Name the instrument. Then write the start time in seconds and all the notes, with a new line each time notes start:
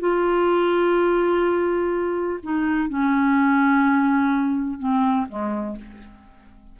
clarinet
0.00 F4
2.43 D#4
2.89 C#4
4.79 C4
5.29 G#3